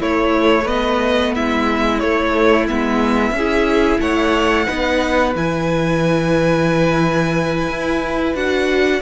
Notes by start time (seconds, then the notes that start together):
0.00 A3 E4 C#5
0.64 B3 B4 D#5
1.34 G#3 E4 E5
1.99 A3 C#5
2.67 G#3 B3 E5
3.31 C#4 G#4
3.38 E4
4.00 A3 C#5 F#5
4.66 B3 D#4 B4
5.35 E3 E4 G#5
7.68 E4
8.34 D4 F#4 F#5